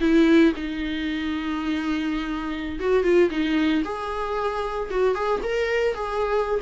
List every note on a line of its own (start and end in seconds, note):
0.00 0.53 E4
0.56 2.79 D#4
2.79 3.03 F#4
3.03 3.30 F4
3.30 3.83 D#4
3.84 4.89 G#4
4.90 5.14 F#4
5.14 5.41 G#4
5.43 5.94 A#4
5.94 6.60 G#4